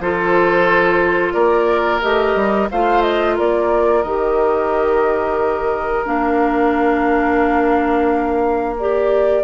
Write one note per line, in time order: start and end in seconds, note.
0.00 1.35 F3
0.00 2.03 F4
0.00 1.34 A4
0.00 1.33 C5
1.33 2.02 A#3
1.33 2.69 A#4
1.33 2.01 D5
2.02 2.36 A3
2.02 2.70 G4
2.02 2.70 D#5
2.36 2.69 G3
2.71 3.40 A3
2.71 4.05 F4
2.71 3.36 C5
2.71 3.03 F5
3.03 3.36 D#5
3.36 4.04 A#3
3.36 9.43 A#4
3.36 4.03 D5
4.03 6.06 D#3
4.03 6.06 G4
4.03 6.05 D#5
6.06 9.44 A#3
6.06 8.76 D4
6.06 8.76 F5
8.79 9.44 G4
8.79 9.44 D5